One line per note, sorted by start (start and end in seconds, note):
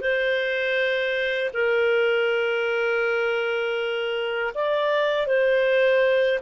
0.00 1.50 C5
1.53 4.53 A#4
4.54 5.26 D5
5.26 6.39 C5